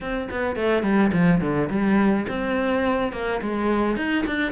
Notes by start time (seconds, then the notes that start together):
0.00 C4
0.30 B3
0.56 A3
0.83 G3
1.12 F3
1.40 D3
1.70 G3
2.28 C4
3.12 A#3
3.41 G#3
3.96 D#4
4.26 D4